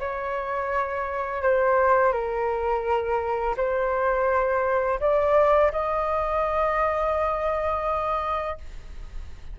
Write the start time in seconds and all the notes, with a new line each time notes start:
0.00 C#5
1.43 C5
2.13 A#4
3.57 C5
5.01 D5
5.72 D#5